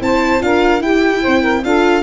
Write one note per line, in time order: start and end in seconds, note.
0.00 0.41 C4
0.00 0.40 E4
0.00 0.43 C5
0.00 0.42 A5
0.40 0.80 D4
0.40 0.80 F4
0.40 0.82 A#4
0.40 0.82 F5
0.80 1.62 E4
0.80 1.21 E4
0.80 1.21 G4
0.80 1.64 G5
1.21 1.64 C4
1.21 1.41 C5
1.41 1.61 A#4
1.64 2.02 D4
1.64 2.02 F4
1.64 2.02 A4
1.64 2.02 F5